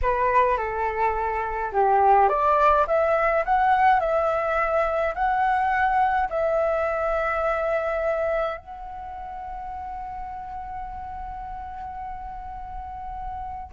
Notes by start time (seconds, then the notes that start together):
0.02 B4
0.57 A4
1.72 G4
2.28 D5
2.87 E5
3.45 F#5
4.00 E5
5.14 F#5
6.29 E5
8.57 F#5